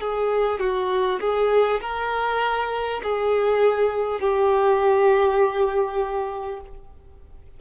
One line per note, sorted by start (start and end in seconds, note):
0.00 0.59 G#4
0.59 1.19 F#4
1.20 1.80 G#4
1.81 3.01 A#4
3.03 4.20 G#4
4.20 6.60 G4